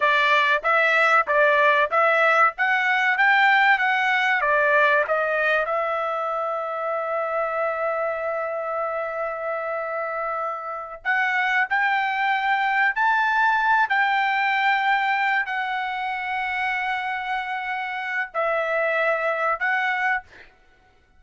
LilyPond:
\new Staff \with { instrumentName = "trumpet" } { \time 4/4 \tempo 4 = 95 d''4 e''4 d''4 e''4 | fis''4 g''4 fis''4 d''4 | dis''4 e''2.~ | e''1~ |
e''4. fis''4 g''4.~ | g''8 a''4. g''2~ | g''8 fis''2.~ fis''8~ | fis''4 e''2 fis''4 | }